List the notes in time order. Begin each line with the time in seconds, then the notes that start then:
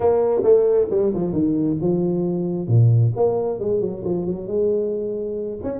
0.00 A#3
0.43 A3
0.90 G3
1.14 F3
1.32 D#3
1.81 F3
2.67 A#2
3.16 A#3
3.59 G#3
3.80 F#3
4.04 F3
4.26 F#3
4.47 G#3
5.63 C#4